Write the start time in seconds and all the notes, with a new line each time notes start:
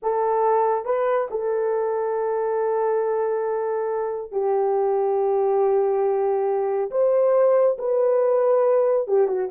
0.02 A4
0.85 B4
1.30 A4
4.31 G4
6.91 C5
7.78 B4
9.07 G4
9.27 F#4